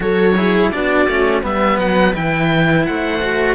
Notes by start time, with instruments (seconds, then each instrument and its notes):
0.00 cello F#3 F#4, viola A4, oboe C#5
0.36 cello E4, viola G#4
0.71 cello B3 D4, viola F#4, oboe D5
1.07 cello A3 C#4
1.42 cello G3 B3, viola B4, oboe E5
1.78 cello F#3, oboe F#5
2.13 cello E3 E4, oboe G5
2.86 cello A3, viola C5, oboe F#5
3.22 cello F#4